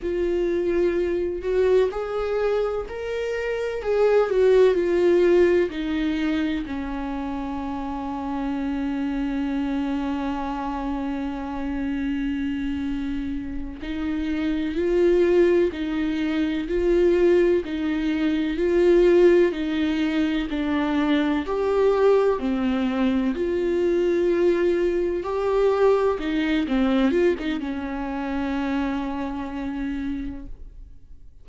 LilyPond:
\new Staff \with { instrumentName = "viola" } { \time 4/4 \tempo 4 = 63 f'4. fis'8 gis'4 ais'4 | gis'8 fis'8 f'4 dis'4 cis'4~ | cis'1~ | cis'2~ cis'8 dis'4 f'8~ |
f'8 dis'4 f'4 dis'4 f'8~ | f'8 dis'4 d'4 g'4 c'8~ | c'8 f'2 g'4 dis'8 | c'8 f'16 dis'16 cis'2. | }